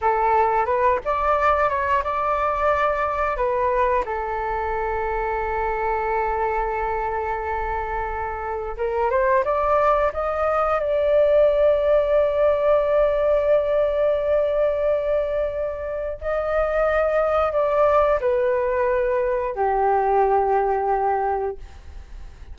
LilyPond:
\new Staff \with { instrumentName = "flute" } { \time 4/4 \tempo 4 = 89 a'4 b'8 d''4 cis''8 d''4~ | d''4 b'4 a'2~ | a'1~ | a'4 ais'8 c''8 d''4 dis''4 |
d''1~ | d''1 | dis''2 d''4 b'4~ | b'4 g'2. | }